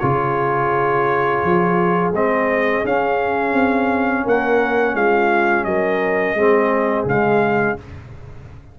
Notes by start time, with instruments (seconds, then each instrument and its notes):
0.00 tuba C#3, trombone F4, horn G#4, trumpet C#5
1.44 tuba F3
2.13 tuba G#3, trombone C4, trumpet D#5
2.85 tuba C#4, trombone C#4, trumpet F5
3.54 tuba C4
4.24 tuba A#3, horn A#4, trumpet F#5
4.95 tuba G#3, horn F4, trumpet F5
5.65 tuba F#3, horn A#4, trumpet D#5
6.35 tuba G#3, trombone C4, horn G#4
7.06 tuba C#3, trombone G#3, trumpet F5